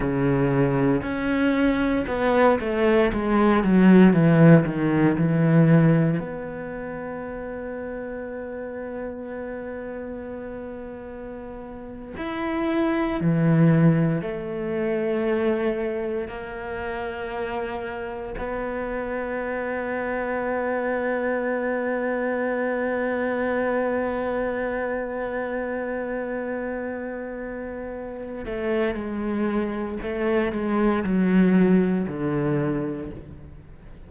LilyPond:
\new Staff \with { instrumentName = "cello" } { \time 4/4 \tempo 4 = 58 cis4 cis'4 b8 a8 gis8 fis8 | e8 dis8 e4 b2~ | b2.~ b8. e'16~ | e'8. e4 a2 ais16~ |
ais4.~ ais16 b2~ b16~ | b1~ | b2.~ b8 a8 | gis4 a8 gis8 fis4 d4 | }